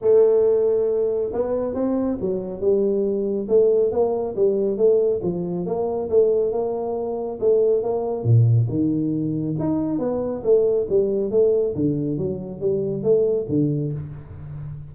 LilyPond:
\new Staff \with { instrumentName = "tuba" } { \time 4/4 \tempo 4 = 138 a2. b4 | c'4 fis4 g2 | a4 ais4 g4 a4 | f4 ais4 a4 ais4~ |
ais4 a4 ais4 ais,4 | dis2 dis'4 b4 | a4 g4 a4 d4 | fis4 g4 a4 d4 | }